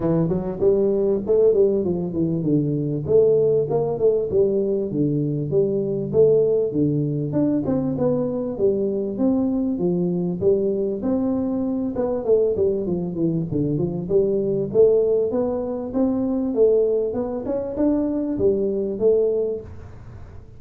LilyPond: \new Staff \with { instrumentName = "tuba" } { \time 4/4 \tempo 4 = 98 e8 fis8 g4 a8 g8 f8 e8 | d4 a4 ais8 a8 g4 | d4 g4 a4 d4 | d'8 c'8 b4 g4 c'4 |
f4 g4 c'4. b8 | a8 g8 f8 e8 d8 f8 g4 | a4 b4 c'4 a4 | b8 cis'8 d'4 g4 a4 | }